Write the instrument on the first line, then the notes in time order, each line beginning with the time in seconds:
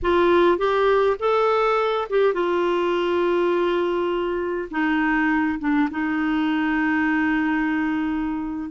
clarinet
0.02 F4
0.57 G4
1.19 A4
2.09 G4
2.33 F4
4.70 D#4
5.59 D4
5.90 D#4